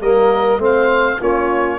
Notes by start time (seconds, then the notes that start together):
0.00 G3 A#3 A#4 D#5
0.58 A3 C4 C5
0.64 F5
1.17 A#3 C#4 F4 C#5